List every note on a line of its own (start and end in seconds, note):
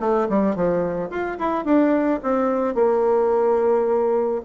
0.00 0.28 A3
0.29 0.56 G3
0.56 1.10 F3
1.10 1.38 F4
1.39 1.65 E4
1.65 2.20 D4
2.23 2.75 C4
2.75 4.42 A#3